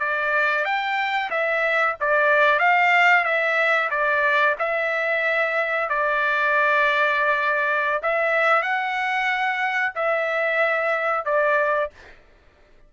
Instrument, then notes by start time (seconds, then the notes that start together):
trumpet
0.00 D5
0.65 G5
1.31 E5
2.01 D5
2.60 F5
3.25 E5
3.91 D5
4.59 E5
5.89 D5
8.03 E5
8.63 F#5
9.96 E5
11.25 D5